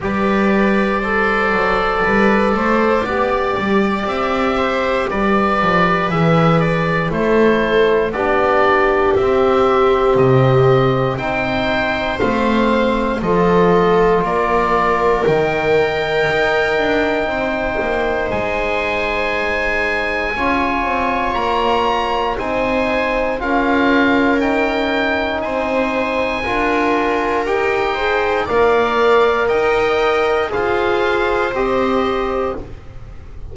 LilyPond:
<<
  \new Staff \with { instrumentName = "oboe" } { \time 4/4 \tempo 4 = 59 d''1 | e''4 d''4 e''8 d''8 c''4 | d''4 e''4 dis''4 g''4 | f''4 dis''4 d''4 g''4~ |
g''2 gis''2~ | gis''4 ais''4 gis''4 f''4 | g''4 gis''2 g''4 | f''4 g''4 f''4 dis''4 | }
  \new Staff \with { instrumentName = "viola" } { \time 4/4 b'4 c''4 b'8 c''8 d''4~ | d''8 c''8 b'2 a'4 | g'2. c''4~ | c''4 a'4 ais'2~ |
ais'4 c''2. | cis''2 c''4 ais'4~ | ais'4 c''4 ais'4. c''8 | d''4 dis''4 c''2 | }
  \new Staff \with { instrumentName = "trombone" } { \time 4/4 g'4 a'2 g'4~ | g'2 gis'4 e'4 | d'4 c'2 dis'4 | c'4 f'2 dis'4~ |
dis'1 | f'2 dis'4 f'4 | dis'2 f'4 g'8 gis'8 | ais'2 gis'4 g'4 | }
  \new Staff \with { instrumentName = "double bass" } { \time 4/4 g4. fis8 g8 a8 b8 g8 | c'4 g8 f8 e4 a4 | b4 c'4 c4 c'4 | a4 f4 ais4 dis4 |
dis'8 d'8 c'8 ais8 gis2 | cis'8 c'8 ais4 c'4 cis'4~ | cis'4 c'4 d'4 dis'4 | ais4 dis'4 f'4 c'4 | }
>>